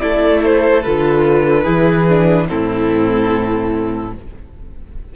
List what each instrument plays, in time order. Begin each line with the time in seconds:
0.00 cello A3, viola E4, violin A4 D5
0.44 violin C5
0.83 cello D3, viola F4, violin B4
1.63 cello E3, viola E4, violin G#4
2.09 viola D4
2.48 cello A2, viola C4, violin E4 A4